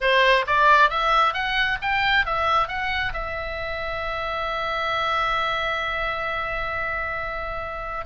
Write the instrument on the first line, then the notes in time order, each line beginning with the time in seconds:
oboe
0.00 C5
0.46 D5
0.90 E5
1.33 F#5
1.81 G5
2.25 E5
2.68 F#5
3.13 E5